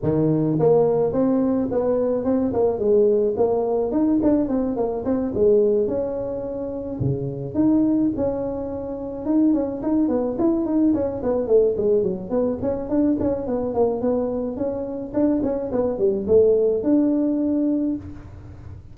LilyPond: \new Staff \with { instrumentName = "tuba" } { \time 4/4 \tempo 4 = 107 dis4 ais4 c'4 b4 | c'8 ais8 gis4 ais4 dis'8 d'8 | c'8 ais8 c'8 gis4 cis'4.~ | cis'8 cis4 dis'4 cis'4.~ |
cis'8 dis'8 cis'8 dis'8 b8 e'8 dis'8 cis'8 | b8 a8 gis8 fis8 b8 cis'8 d'8 cis'8 | b8 ais8 b4 cis'4 d'8 cis'8 | b8 g8 a4 d'2 | }